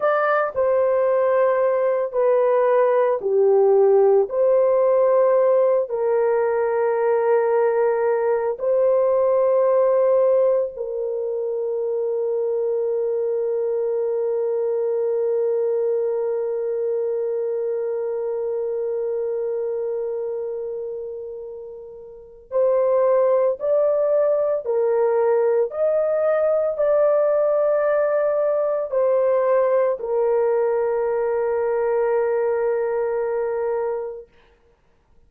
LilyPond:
\new Staff \with { instrumentName = "horn" } { \time 4/4 \tempo 4 = 56 d''8 c''4. b'4 g'4 | c''4. ais'2~ ais'8 | c''2 ais'2~ | ais'1~ |
ais'1~ | ais'4 c''4 d''4 ais'4 | dis''4 d''2 c''4 | ais'1 | }